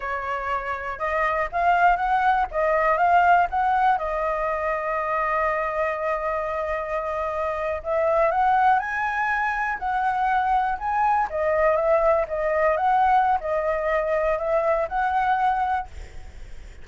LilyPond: \new Staff \with { instrumentName = "flute" } { \time 4/4 \tempo 4 = 121 cis''2 dis''4 f''4 | fis''4 dis''4 f''4 fis''4 | dis''1~ | dis''2.~ dis''8. e''16~ |
e''8. fis''4 gis''2 fis''16~ | fis''4.~ fis''16 gis''4 dis''4 e''16~ | e''8. dis''4 fis''4~ fis''16 dis''4~ | dis''4 e''4 fis''2 | }